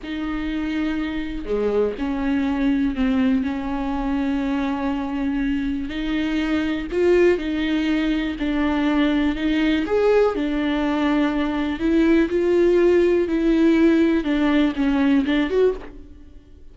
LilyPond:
\new Staff \with { instrumentName = "viola" } { \time 4/4 \tempo 4 = 122 dis'2. gis4 | cis'2 c'4 cis'4~ | cis'1 | dis'2 f'4 dis'4~ |
dis'4 d'2 dis'4 | gis'4 d'2. | e'4 f'2 e'4~ | e'4 d'4 cis'4 d'8 fis'8 | }